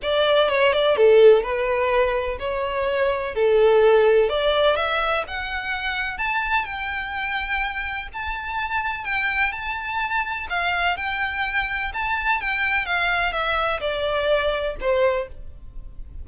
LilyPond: \new Staff \with { instrumentName = "violin" } { \time 4/4 \tempo 4 = 126 d''4 cis''8 d''8 a'4 b'4~ | b'4 cis''2 a'4~ | a'4 d''4 e''4 fis''4~ | fis''4 a''4 g''2~ |
g''4 a''2 g''4 | a''2 f''4 g''4~ | g''4 a''4 g''4 f''4 | e''4 d''2 c''4 | }